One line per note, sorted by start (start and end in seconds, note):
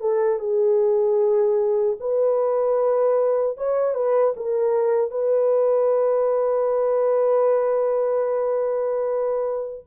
0.00 0.39 A4
0.39 1.97 G#4
2.00 3.57 B4
3.57 3.94 C#5
3.94 4.33 B4
4.36 5.10 A#4
5.10 9.84 B4